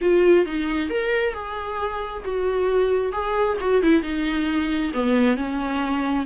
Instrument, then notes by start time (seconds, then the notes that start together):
viola
0.01 F4
0.45 D#4
0.89 A#4
1.33 G#4
2.24 F#4
3.12 G#4
3.60 F#4
3.82 E4
4.02 D#4
4.93 B3
5.36 C#4